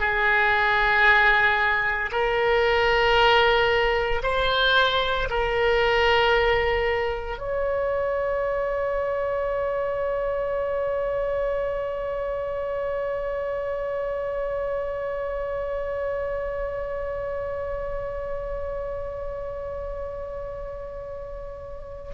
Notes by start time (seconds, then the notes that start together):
0.00 G#4
2.12 A#4
4.23 C5
5.30 A#4
7.39 C#5